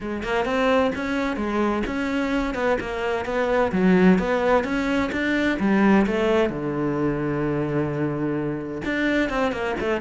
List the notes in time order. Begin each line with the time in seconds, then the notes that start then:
0.00 G#3
0.23 A#3
0.45 C4
0.95 C#4
1.36 G#3
1.86 C#4
2.54 B3
2.80 A#3
3.25 B3
3.72 F#3
4.19 B3
4.64 C#4
5.12 D4
5.59 G3
6.06 A3
6.49 D3
8.85 D4
9.29 C4
9.52 A#3
9.79 A3